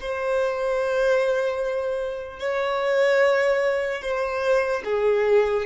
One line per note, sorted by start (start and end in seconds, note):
0.00 2.39 C5
2.39 4.01 C#5
4.01 4.82 C5
4.85 5.65 G#4